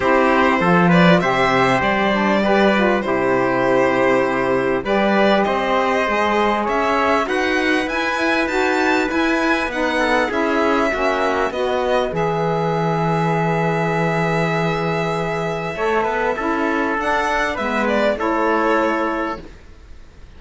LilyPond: <<
  \new Staff \with { instrumentName = "violin" } { \time 4/4 \tempo 4 = 99 c''4. d''8 e''4 d''4~ | d''4 c''2. | d''4 dis''2 e''4 | fis''4 gis''4 a''4 gis''4 |
fis''4 e''2 dis''4 | e''1~ | e''1 | fis''4 e''8 d''8 cis''2 | }
  \new Staff \with { instrumentName = "trumpet" } { \time 4/4 g'4 a'8 b'8 c''2 | b'4 g'2. | b'4 c''2 cis''4 | b'1~ |
b'8 a'8 gis'4 fis'4 b'4~ | b'1~ | b'2 cis''8 b'8 a'4~ | a'4 b'4 a'2 | }
  \new Staff \with { instrumentName = "saxophone" } { \time 4/4 e'4 f'4 g'4. d'8 | g'8 f'8 e'2. | g'2 gis'2 | fis'4 e'4 fis'4 e'4 |
dis'4 e'4 cis'4 fis'4 | gis'1~ | gis'2 a'4 e'4 | d'4 b4 e'2 | }
  \new Staff \with { instrumentName = "cello" } { \time 4/4 c'4 f4 c4 g4~ | g4 c2. | g4 c'4 gis4 cis'4 | dis'4 e'4 dis'4 e'4 |
b4 cis'4 ais4 b4 | e1~ | e2 a8 b8 cis'4 | d'4 gis4 a2 | }
>>